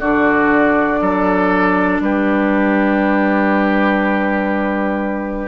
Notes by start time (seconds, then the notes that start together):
0.00 D3 D4 F#4 D5
1.01 F#3 A4
2.00 G3 G4 B4